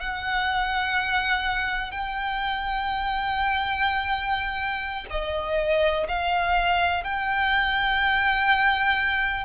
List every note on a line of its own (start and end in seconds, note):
0.00 1.91 F#5
1.91 5.06 G5
5.10 6.07 D#5
6.08 7.04 F5
7.04 9.44 G5